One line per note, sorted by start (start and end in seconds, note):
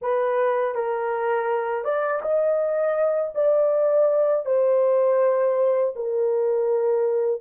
0.01 0.74 B4
0.74 1.84 A#4
1.84 2.21 D5
2.22 3.33 D#5
3.34 4.45 D5
4.45 5.94 C5
5.95 7.41 A#4